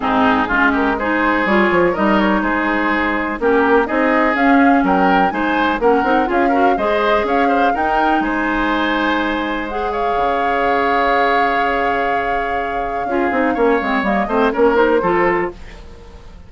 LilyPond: <<
  \new Staff \with { instrumentName = "flute" } { \time 4/4 \tempo 4 = 124 gis'4. ais'8 c''4 cis''4 | dis''8 cis''8 c''2 ais'4 | dis''4 f''4 g''4 gis''4 | fis''4 f''4 dis''4 f''4 |
g''4 gis''2. | fis''8 f''2.~ f''8~ | f''1~ | f''4 dis''4 cis''8 c''4. | }
  \new Staff \with { instrumentName = "oboe" } { \time 4/4 dis'4 f'8 g'8 gis'2 | ais'4 gis'2 g'4 | gis'2 ais'4 c''4 | ais'4 gis'8 ais'8 c''4 cis''8 c''8 |
ais'4 c''2.~ | c''8 cis''2.~ cis''8~ | cis''2. gis'4 | cis''4. c''8 ais'4 a'4 | }
  \new Staff \with { instrumentName = "clarinet" } { \time 4/4 c'4 cis'4 dis'4 f'4 | dis'2. cis'4 | dis'4 cis'2 dis'4 | cis'8 dis'8 f'8 fis'8 gis'2 |
dis'1 | gis'1~ | gis'2. f'8 dis'8 | cis'8 c'8 ais8 c'8 cis'8 dis'8 f'4 | }
  \new Staff \with { instrumentName = "bassoon" } { \time 4/4 gis,4 gis2 g8 f8 | g4 gis2 ais4 | c'4 cis'4 fis4 gis4 | ais8 c'8 cis'4 gis4 cis'4 |
dis'4 gis2.~ | gis4 cis2.~ | cis2. cis'8 c'8 | ais8 gis8 g8 a8 ais4 f4 | }
>>